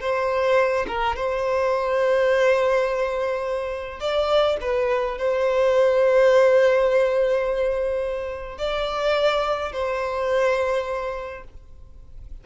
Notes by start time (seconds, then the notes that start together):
0.00 C5
0.88 A#4
1.16 C5
4.00 D5
4.61 B4
5.18 C5
8.58 D5
9.72 C5